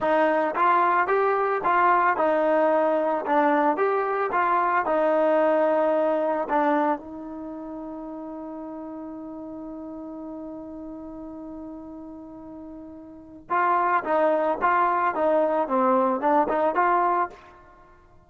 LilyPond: \new Staff \with { instrumentName = "trombone" } { \time 4/4 \tempo 4 = 111 dis'4 f'4 g'4 f'4 | dis'2 d'4 g'4 | f'4 dis'2. | d'4 dis'2.~ |
dis'1~ | dis'1~ | dis'4 f'4 dis'4 f'4 | dis'4 c'4 d'8 dis'8 f'4 | }